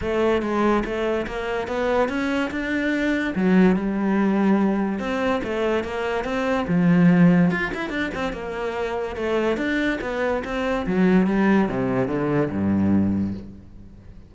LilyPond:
\new Staff \with { instrumentName = "cello" } { \time 4/4 \tempo 4 = 144 a4 gis4 a4 ais4 | b4 cis'4 d'2 | fis4 g2. | c'4 a4 ais4 c'4 |
f2 f'8 e'8 d'8 c'8 | ais2 a4 d'4 | b4 c'4 fis4 g4 | c4 d4 g,2 | }